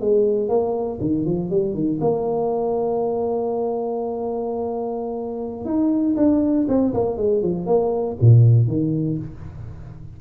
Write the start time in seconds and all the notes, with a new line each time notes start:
0.00 G#3
0.48 A#3
1.00 D#3
1.26 F3
1.50 G3
1.74 D#3
2.01 A#3
5.65 D#4
6.16 D4
6.68 C4
6.94 A#3
7.17 G#3
7.42 F3
7.66 A#3
8.21 A#2
8.67 D#3